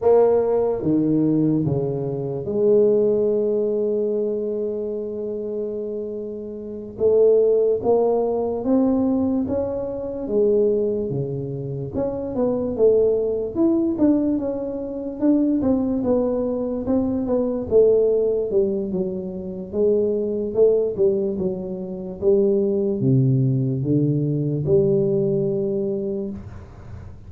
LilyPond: \new Staff \with { instrumentName = "tuba" } { \time 4/4 \tempo 4 = 73 ais4 dis4 cis4 gis4~ | gis1~ | gis8 a4 ais4 c'4 cis'8~ | cis'8 gis4 cis4 cis'8 b8 a8~ |
a8 e'8 d'8 cis'4 d'8 c'8 b8~ | b8 c'8 b8 a4 g8 fis4 | gis4 a8 g8 fis4 g4 | c4 d4 g2 | }